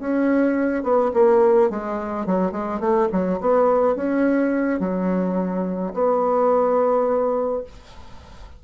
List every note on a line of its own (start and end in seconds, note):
0.00 0.83 C#4
0.83 1.12 B3
1.14 1.71 A#3
1.71 2.26 G#3
2.26 2.52 F#3
2.52 2.80 G#3
2.80 3.08 A3
3.12 3.41 F#3
3.41 3.96 B3
3.96 4.80 C#4
4.80 5.93 F#3
5.94 7.64 B3